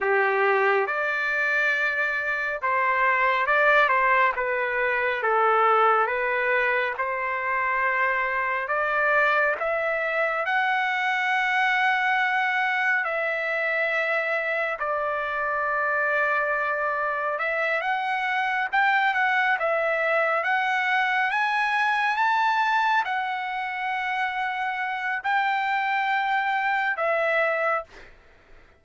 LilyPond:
\new Staff \with { instrumentName = "trumpet" } { \time 4/4 \tempo 4 = 69 g'4 d''2 c''4 | d''8 c''8 b'4 a'4 b'4 | c''2 d''4 e''4 | fis''2. e''4~ |
e''4 d''2. | e''8 fis''4 g''8 fis''8 e''4 fis''8~ | fis''8 gis''4 a''4 fis''4.~ | fis''4 g''2 e''4 | }